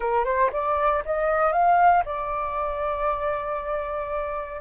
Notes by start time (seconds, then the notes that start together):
0.00 A#4
0.24 C5
0.52 D5
1.05 D#5
1.52 F5
2.05 D5